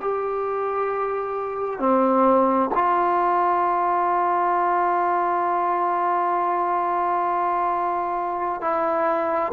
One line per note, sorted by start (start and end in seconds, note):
0.00 1.79 G4
1.79 2.70 C4
2.74 8.61 F4
8.61 9.52 E4